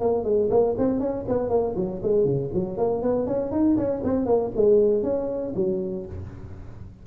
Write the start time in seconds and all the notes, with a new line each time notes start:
0.00 A#3
0.24 G#3
0.50 A#3
0.78 C4
1.00 C#4
1.28 B3
1.49 A#3
1.76 F#3
2.02 G#3
2.25 C#3
2.54 F#3
2.77 A#3
3.02 B3
3.27 C#4
3.51 D#4
3.77 C#4
4.04 C4
4.26 A#3
4.56 G#3
5.03 C#4
5.55 F#3